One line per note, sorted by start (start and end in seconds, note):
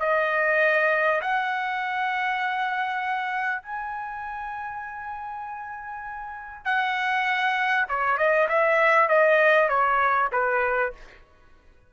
0.00 1.21 D#5
1.21 3.63 F#5
3.63 6.66 G#5
6.66 7.87 F#5
7.89 8.18 C#5
8.18 8.48 D#5
8.49 9.09 E5
9.09 9.69 D#5
9.69 10.30 C#5
10.33 10.93 B4